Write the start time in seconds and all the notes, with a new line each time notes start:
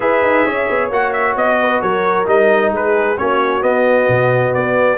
0.00 E4 G#4 B4 E5
0.22 D#4
0.45 C#4 C#5
0.69 B3
0.90 A#3 F#4 F#5
1.12 E5
1.35 B3 D#5
1.61 B4
1.81 F#3 A#4 C#5
2.25 G3 D#4 D#5
2.71 G#3 G#4 B4
3.17 A#3 C#4 F#4 C#5
3.61 B3 D#5
4.08 B2
4.53 B3 D5